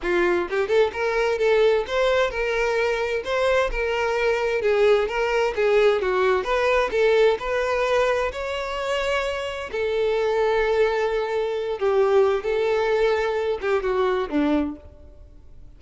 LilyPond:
\new Staff \with { instrumentName = "violin" } { \time 4/4 \tempo 4 = 130 f'4 g'8 a'8 ais'4 a'4 | c''4 ais'2 c''4 | ais'2 gis'4 ais'4 | gis'4 fis'4 b'4 a'4 |
b'2 cis''2~ | cis''4 a'2.~ | a'4. g'4. a'4~ | a'4. g'8 fis'4 d'4 | }